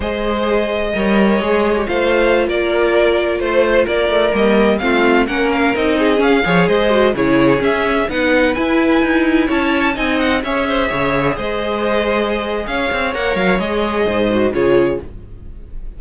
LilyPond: <<
  \new Staff \with { instrumentName = "violin" } { \time 4/4 \tempo 4 = 128 dis''1 | f''4~ f''16 d''2 c''8.~ | c''16 d''4 dis''4 f''4 fis''8 f''16~ | f''16 dis''4 f''4 dis''4 cis''8.~ |
cis''16 e''4 fis''4 gis''4.~ gis''16~ | gis''16 a''4 gis''8 fis''8 e''4.~ e''16~ | e''16 dis''2~ dis''8. f''4 | fis''8 f''8 dis''2 cis''4 | }
  \new Staff \with { instrumentName = "violin" } { \time 4/4 c''2 cis''2 | c''4~ c''16 ais'2 c''8.~ | c''16 ais'2 f'4 ais'8.~ | ais'8. gis'4 cis''8 c''4 gis'8.~ |
gis'4~ gis'16 b'2~ b'8.~ | b'16 cis''4 dis''4 cis''8 c''8 cis''8.~ | cis''16 c''2~ c''8. cis''4~ | cis''2 c''4 gis'4 | }
  \new Staff \with { instrumentName = "viola" } { \time 4/4 gis'2 ais'4 gis'8. g'16 | f'1~ | f'4~ f'16 ais4 c'4 cis'8.~ | cis'16 dis'4 cis'8 gis'4 fis'8 e'8.~ |
e'16 cis'4 dis'4 e'4.~ e'16~ | e'4~ e'16 dis'4 gis'4.~ gis'16~ | gis'1 | ais'4 gis'4. fis'8 f'4 | }
  \new Staff \with { instrumentName = "cello" } { \time 4/4 gis2 g4 gis4 | a4~ a16 ais2 a8.~ | a16 ais8 a8 g4 a4 ais8.~ | ais16 c'4 cis'8 f8 gis4 cis8.~ |
cis16 cis'4 b4 e'4 dis'8.~ | dis'16 cis'4 c'4 cis'4 cis8.~ | cis16 gis2~ gis8. cis'8 c'8 | ais8 fis8 gis4 gis,4 cis4 | }
>>